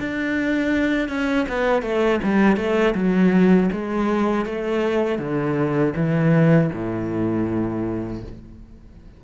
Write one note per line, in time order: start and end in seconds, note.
0.00 1.09 D4
1.09 1.47 C#4
1.49 1.83 B3
1.83 2.20 A3
2.24 2.57 G3
2.57 2.95 A3
2.95 3.70 F#3
3.73 4.46 G#3
4.46 5.19 A3
5.19 5.94 D3
5.96 6.71 E3
6.74 8.24 A2